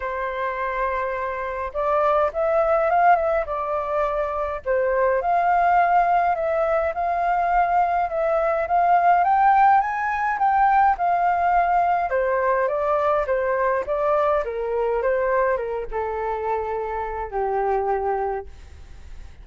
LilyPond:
\new Staff \with { instrumentName = "flute" } { \time 4/4 \tempo 4 = 104 c''2. d''4 | e''4 f''8 e''8 d''2 | c''4 f''2 e''4 | f''2 e''4 f''4 |
g''4 gis''4 g''4 f''4~ | f''4 c''4 d''4 c''4 | d''4 ais'4 c''4 ais'8 a'8~ | a'2 g'2 | }